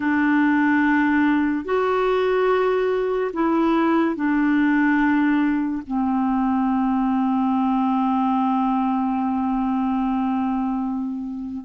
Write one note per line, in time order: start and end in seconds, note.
0.00 1.64 D4
1.64 3.31 F#4
3.33 4.15 E4
4.15 5.82 D4
5.86 11.64 C4